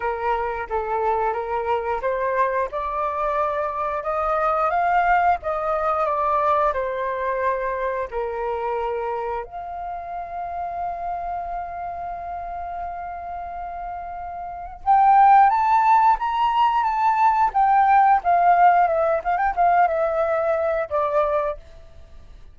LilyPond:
\new Staff \with { instrumentName = "flute" } { \time 4/4 \tempo 4 = 89 ais'4 a'4 ais'4 c''4 | d''2 dis''4 f''4 | dis''4 d''4 c''2 | ais'2 f''2~ |
f''1~ | f''2 g''4 a''4 | ais''4 a''4 g''4 f''4 | e''8 f''16 g''16 f''8 e''4. d''4 | }